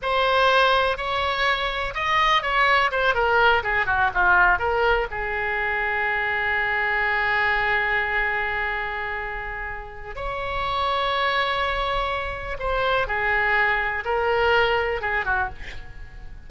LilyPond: \new Staff \with { instrumentName = "oboe" } { \time 4/4 \tempo 4 = 124 c''2 cis''2 | dis''4 cis''4 c''8 ais'4 gis'8 | fis'8 f'4 ais'4 gis'4.~ | gis'1~ |
gis'1~ | gis'4 cis''2.~ | cis''2 c''4 gis'4~ | gis'4 ais'2 gis'8 fis'8 | }